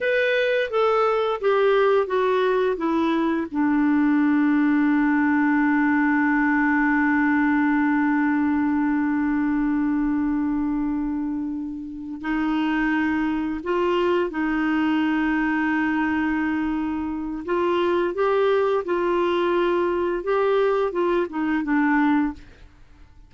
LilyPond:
\new Staff \with { instrumentName = "clarinet" } { \time 4/4 \tempo 4 = 86 b'4 a'4 g'4 fis'4 | e'4 d'2.~ | d'1~ | d'1~ |
d'4. dis'2 f'8~ | f'8 dis'2.~ dis'8~ | dis'4 f'4 g'4 f'4~ | f'4 g'4 f'8 dis'8 d'4 | }